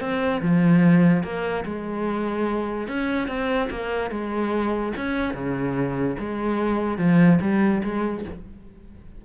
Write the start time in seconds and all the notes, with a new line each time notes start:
0.00 C4
0.41 F3
1.23 A#3
1.65 G#3
2.87 C#4
3.28 C4
3.70 A#3
4.10 G#3
4.96 C#4
5.33 C#3
6.18 G#3
6.98 F3
7.41 G3
7.83 G#3